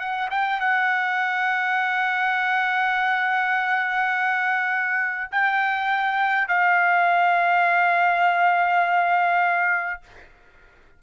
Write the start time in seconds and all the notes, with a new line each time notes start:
0.00 F#5
0.31 G5
0.60 F#5
5.32 G5
6.49 F5